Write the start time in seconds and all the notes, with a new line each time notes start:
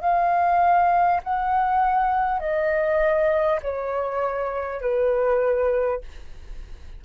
0.00 F5
1.23 F#5
2.39 D#5
3.62 C#5
4.81 B4